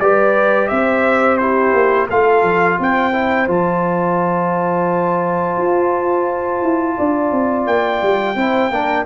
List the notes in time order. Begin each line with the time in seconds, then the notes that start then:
0.00 G3 G4 B4 D5
0.68 C4 C5 E5
1.37 E4 G4 C5
1.73 A#3
2.08 A3 F4 A4 F5
2.42 F3
2.79 C4 C5 G5
3.12 E4
3.47 F3 F4 A5
5.57 F4
6.62 E4
6.97 D4 D5
7.32 C4
7.67 A#3 G5
8.02 G3
8.35 C4 E4 C5
8.70 A#3 D4 A#4